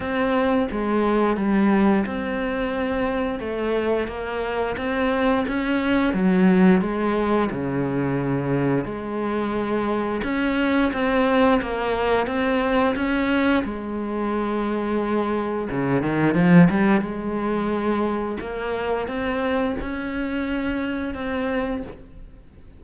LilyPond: \new Staff \with { instrumentName = "cello" } { \time 4/4 \tempo 4 = 88 c'4 gis4 g4 c'4~ | c'4 a4 ais4 c'4 | cis'4 fis4 gis4 cis4~ | cis4 gis2 cis'4 |
c'4 ais4 c'4 cis'4 | gis2. cis8 dis8 | f8 g8 gis2 ais4 | c'4 cis'2 c'4 | }